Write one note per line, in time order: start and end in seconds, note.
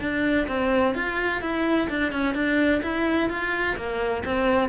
0.00 0.47 D4
0.47 0.94 C4
0.94 1.41 F4
1.41 1.88 E4
1.89 2.12 D4
2.12 2.34 C#4
2.34 2.81 D4
2.82 3.29 E4
3.29 3.76 F4
3.76 4.23 A#3
4.25 4.69 C4